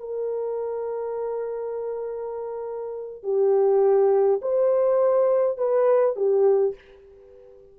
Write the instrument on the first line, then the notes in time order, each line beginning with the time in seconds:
horn
0.00 A#4
3.23 G4
4.42 C5
5.58 B4
6.16 G4